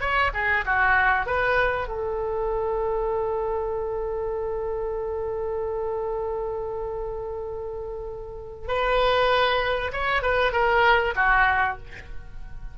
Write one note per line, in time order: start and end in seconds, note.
0.00 0.31 C#5
0.33 0.64 G#4
0.65 1.26 F#4
1.26 1.88 B4
1.88 8.67 A4
8.67 9.91 B4
9.92 10.22 C#5
10.22 10.52 B4
10.52 11.14 A#4
11.15 11.77 F#4